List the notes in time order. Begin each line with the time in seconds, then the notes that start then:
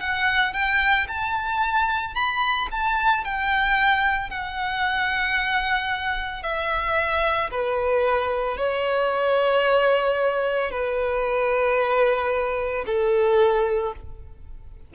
0.00 F#5
0.53 G5
1.08 A5
2.14 B5
2.71 A5
3.24 G5
4.30 F#5
6.43 E5
7.50 B4
8.57 C#5
10.70 B4
12.86 A4